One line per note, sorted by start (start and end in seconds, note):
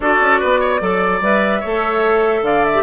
0.00 0.19 D4
0.00 0.80 F#4
0.00 0.40 A4
0.00 1.21 D5
0.20 0.40 C#4
0.40 0.80 B3
0.40 0.60 B4
0.60 0.80 C#5
0.80 1.21 F#3
0.80 1.20 A4
0.80 1.59 D5
1.21 1.61 G3
1.21 1.63 B4
1.21 2.44 E5
1.59 2.42 A3
1.59 2.74 A4
1.59 2.41 C#5
2.42 2.82 D3
2.42 2.83 D5
2.42 2.64 F5
2.64 2.83 E5
2.74 2.83 G4